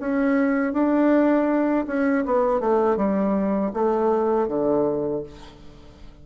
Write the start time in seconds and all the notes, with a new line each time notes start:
0.00 C#4
0.73 D4
1.87 C#4
2.26 B3
2.60 A3
2.97 G3
3.74 A3
4.48 D3